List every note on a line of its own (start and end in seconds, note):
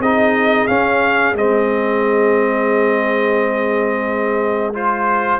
0.00 0.67 C4
0.00 0.69 D#4
0.00 5.40 G#4
0.00 0.68 D#5
0.68 1.34 C#4
0.68 1.36 C#4
0.68 1.35 F5
1.34 5.39 G#3
1.34 4.74 C4
1.34 4.74 D#5
4.74 5.40 F4
4.74 5.40 C5